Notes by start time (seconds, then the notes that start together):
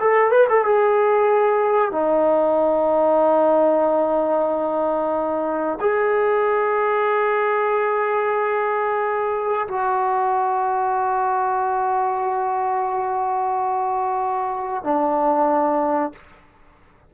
0.00 A4
0.31 B4
0.49 A4
0.64 G#4
1.91 D#4
5.80 G#4
9.68 F#4
14.83 D4